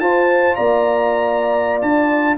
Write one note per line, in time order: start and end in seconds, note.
0.00 0.56 F4
0.00 2.38 F4
0.00 0.57 C5
0.00 0.56 A5
0.56 1.82 A#3
0.56 2.37 D5
0.56 1.81 A#5
1.82 2.37 D4
1.82 2.37 A5